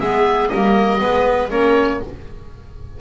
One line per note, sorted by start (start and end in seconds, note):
0.00 0.51 G#3
0.00 0.51 B3
0.00 0.51 G#4
0.00 0.49 E5
0.49 0.99 A#3
0.49 1.00 A#4
0.49 1.49 D#5
0.55 1.01 G3
0.99 1.51 G#3
0.99 1.49 B3
0.99 1.50 B4
1.50 2.01 A#3
1.50 2.01 C#4
1.50 2.00 A#4
1.50 2.01 C#5